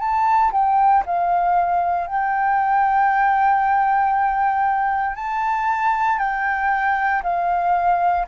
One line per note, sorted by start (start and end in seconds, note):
0.00 0.52 A5
0.52 1.04 G5
1.06 2.07 F5
2.07 5.16 G5
5.16 6.19 A5
6.19 7.22 G5
7.23 8.27 F5